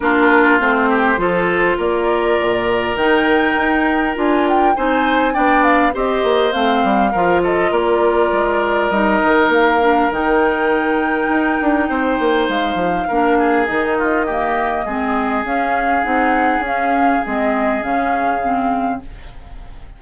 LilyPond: <<
  \new Staff \with { instrumentName = "flute" } { \time 4/4 \tempo 4 = 101 ais'4 c''2 d''4~ | d''4 g''2 gis''8 g''8 | gis''4 g''8 f''8 dis''4 f''4~ | f''8 dis''8 d''2 dis''4 |
f''4 g''2.~ | g''4 f''2 dis''4~ | dis''2 f''4 fis''4 | f''4 dis''4 f''2 | }
  \new Staff \with { instrumentName = "oboe" } { \time 4/4 f'4. g'8 a'4 ais'4~ | ais'1 | c''4 d''4 c''2 | ais'8 a'8 ais'2.~ |
ais'1 | c''2 ais'8 gis'4 f'8 | g'4 gis'2.~ | gis'1 | }
  \new Staff \with { instrumentName = "clarinet" } { \time 4/4 d'4 c'4 f'2~ | f'4 dis'2 f'4 | dis'4 d'4 g'4 c'4 | f'2. dis'4~ |
dis'8 d'8 dis'2.~ | dis'2 d'4 dis'4 | ais4 c'4 cis'4 dis'4 | cis'4 c'4 cis'4 c'4 | }
  \new Staff \with { instrumentName = "bassoon" } { \time 4/4 ais4 a4 f4 ais4 | ais,4 dis4 dis'4 d'4 | c'4 b4 c'8 ais8 a8 g8 | f4 ais4 gis4 g8 dis8 |
ais4 dis2 dis'8 d'8 | c'8 ais8 gis8 f8 ais4 dis4~ | dis4 gis4 cis'4 c'4 | cis'4 gis4 cis2 | }
>>